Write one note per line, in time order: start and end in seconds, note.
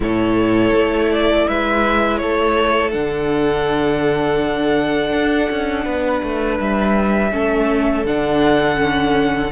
0.00 0.72 A2
0.00 2.91 E4
0.00 1.47 A4
0.00 1.11 C#5
0.72 1.45 A3
1.11 1.47 D5
1.47 2.21 G#3
1.47 2.20 B4
1.47 2.17 E5
2.17 2.94 A3
2.17 5.84 A4
2.17 2.90 C#5
2.91 5.12 D3
2.91 7.30 D4
2.91 6.57 F#5
5.12 5.49 D4
5.50 5.85 C#4
5.84 6.22 B3
5.84 7.31 B4
6.22 6.59 A3
6.59 7.32 G3
6.59 8.06 E5
7.31 8.05 A3
7.31 8.04 C#4
7.31 9.52 A4
8.05 9.51 D3
8.05 8.75 D4
8.05 9.52 F#5
8.75 9.48 C#4